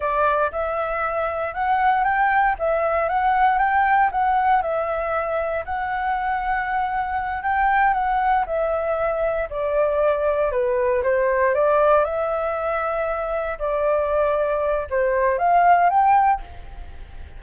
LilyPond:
\new Staff \with { instrumentName = "flute" } { \time 4/4 \tempo 4 = 117 d''4 e''2 fis''4 | g''4 e''4 fis''4 g''4 | fis''4 e''2 fis''4~ | fis''2~ fis''8 g''4 fis''8~ |
fis''8 e''2 d''4.~ | d''8 b'4 c''4 d''4 e''8~ | e''2~ e''8 d''4.~ | d''4 c''4 f''4 g''4 | }